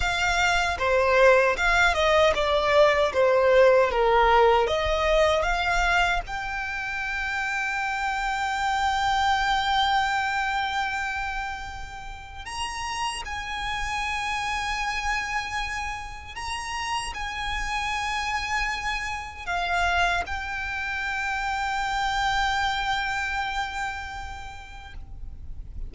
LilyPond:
\new Staff \with { instrumentName = "violin" } { \time 4/4 \tempo 4 = 77 f''4 c''4 f''8 dis''8 d''4 | c''4 ais'4 dis''4 f''4 | g''1~ | g''1 |
ais''4 gis''2.~ | gis''4 ais''4 gis''2~ | gis''4 f''4 g''2~ | g''1 | }